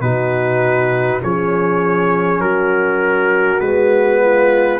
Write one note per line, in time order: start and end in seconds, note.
0.00 1.20 B2
0.00 1.21 D#4
0.00 1.22 F#4
0.00 1.21 B4
1.21 2.39 F3
1.21 3.61 C#4
1.21 2.42 G#4
1.21 2.41 C#5
2.39 3.58 F#3
2.39 4.21 F#4
2.39 3.60 A#4
3.60 4.80 G#3
3.60 4.80 B3
3.60 4.79 B4
4.21 4.80 F4